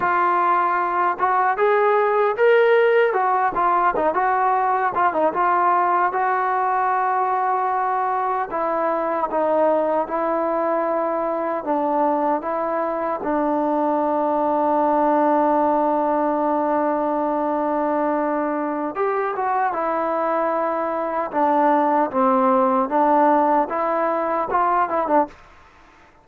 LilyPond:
\new Staff \with { instrumentName = "trombone" } { \time 4/4 \tempo 4 = 76 f'4. fis'8 gis'4 ais'4 | fis'8 f'8 dis'16 fis'4 f'16 dis'16 f'4 fis'16~ | fis'2~ fis'8. e'4 dis'16~ | dis'8. e'2 d'4 e'16~ |
e'8. d'2.~ d'16~ | d'1 | g'8 fis'8 e'2 d'4 | c'4 d'4 e'4 f'8 e'16 d'16 | }